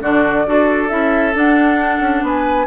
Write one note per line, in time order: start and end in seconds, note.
0.00 0.46 D3
0.00 0.44 D4
0.00 0.47 F#4
0.00 0.89 D5
0.46 0.91 D4
0.46 0.89 F#4
0.46 2.25 A4
0.89 1.35 C#4
0.89 1.33 E4
0.89 1.34 E5
1.34 2.66 D4
1.34 2.00 D4
1.34 2.26 F#5
2.00 2.22 C#4
2.22 2.66 B3
2.22 2.66 B4
2.22 2.66 G#5